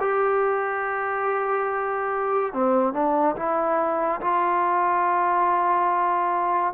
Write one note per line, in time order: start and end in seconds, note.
0.00 2.54 G4
2.54 2.93 C4
2.93 3.36 D4
3.36 4.21 E4
4.21 6.74 F4